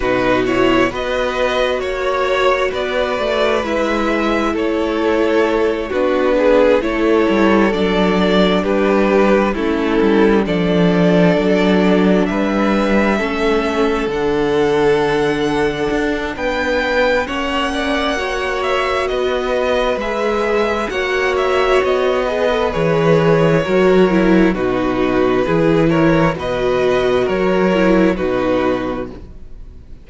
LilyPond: <<
  \new Staff \with { instrumentName = "violin" } { \time 4/4 \tempo 4 = 66 b'8 cis''8 dis''4 cis''4 d''4 | e''4 cis''4. b'4 cis''8~ | cis''8 d''4 b'4 a'4 d''8~ | d''4. e''2 fis''8~ |
fis''2 g''4 fis''4~ | fis''8 e''8 dis''4 e''4 fis''8 e''8 | dis''4 cis''2 b'4~ | b'8 cis''8 dis''4 cis''4 b'4 | }
  \new Staff \with { instrumentName = "violin" } { \time 4/4 fis'4 b'4 cis''4 b'4~ | b'4 a'4. fis'8 gis'8 a'8~ | a'4. g'4 e'4 a'8~ | a'4. b'4 a'4.~ |
a'2 b'4 cis''8 d''8 | cis''4 b'2 cis''4~ | cis''8 b'4. ais'4 fis'4 | gis'8 ais'8 b'4 ais'4 fis'4 | }
  \new Staff \with { instrumentName = "viola" } { \time 4/4 dis'8 e'8 fis'2. | e'2~ e'8 d'4 e'8~ | e'8 d'2 cis'4 d'8~ | d'2~ d'8 cis'4 d'8~ |
d'2. cis'4 | fis'2 gis'4 fis'4~ | fis'8 gis'16 a'16 gis'4 fis'8 e'8 dis'4 | e'4 fis'4. e'8 dis'4 | }
  \new Staff \with { instrumentName = "cello" } { \time 4/4 b,4 b4 ais4 b8 a8 | gis4 a4. b4 a8 | g8 fis4 g4 a8 g8 f8~ | f8 fis4 g4 a4 d8~ |
d4. d'8 b4 ais4~ | ais4 b4 gis4 ais4 | b4 e4 fis4 b,4 | e4 b,4 fis4 b,4 | }
>>